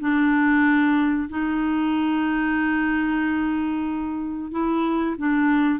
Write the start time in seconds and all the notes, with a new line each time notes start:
0.00 D4
1.29 D#4
4.51 E4
5.18 D4